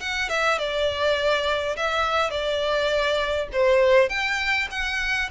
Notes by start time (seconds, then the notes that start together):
0.00 F#5
0.29 E5
0.58 D5
1.76 E5
2.30 D5
3.52 C5
4.09 G5
4.71 F#5